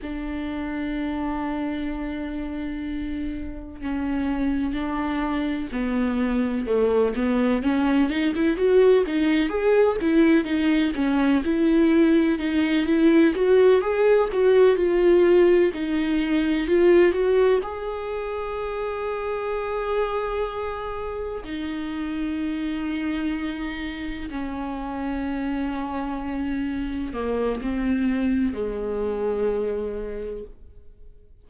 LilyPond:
\new Staff \with { instrumentName = "viola" } { \time 4/4 \tempo 4 = 63 d'1 | cis'4 d'4 b4 a8 b8 | cis'8 dis'16 e'16 fis'8 dis'8 gis'8 e'8 dis'8 cis'8 | e'4 dis'8 e'8 fis'8 gis'8 fis'8 f'8~ |
f'8 dis'4 f'8 fis'8 gis'4.~ | gis'2~ gis'8 dis'4.~ | dis'4. cis'2~ cis'8~ | cis'8 ais8 c'4 gis2 | }